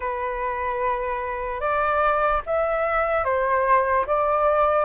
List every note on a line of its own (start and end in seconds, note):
0.00 1.60 B4
1.60 2.41 D5
2.45 3.24 E5
3.24 4.05 C5
4.07 4.85 D5